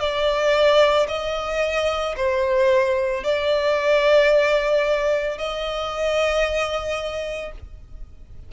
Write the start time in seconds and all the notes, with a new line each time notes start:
0.00 D5
1.08 D#5
2.17 C5
3.24 D5
5.38 D#5